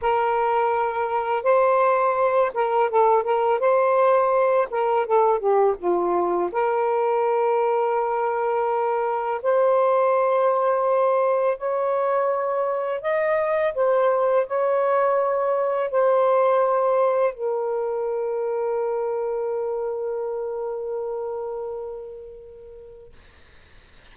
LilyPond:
\new Staff \with { instrumentName = "saxophone" } { \time 4/4 \tempo 4 = 83 ais'2 c''4. ais'8 | a'8 ais'8 c''4. ais'8 a'8 g'8 | f'4 ais'2.~ | ais'4 c''2. |
cis''2 dis''4 c''4 | cis''2 c''2 | ais'1~ | ais'1 | }